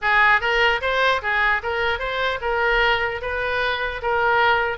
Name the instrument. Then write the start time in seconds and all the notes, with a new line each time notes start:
oboe
0.01 G#4
0.40 A#4
0.81 C5
1.21 G#4
1.62 A#4
1.99 C5
2.41 A#4
3.21 B4
4.02 A#4